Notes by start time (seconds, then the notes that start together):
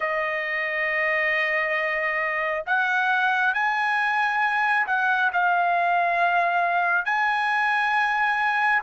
0.00 D#5
2.66 F#5
3.54 G#5
4.86 F#5
5.32 F5
7.05 G#5